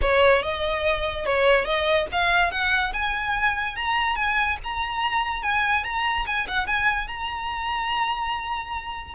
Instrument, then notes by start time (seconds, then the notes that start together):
violin
0.01 C#5
0.42 D#5
1.25 C#5
1.64 D#5
2.12 F5
2.51 F#5
2.93 G#5
3.75 A#5
4.15 G#5
4.63 A#5
5.42 G#5
5.84 A#5
6.26 G#5
6.47 F#5
6.67 G#5
7.07 A#5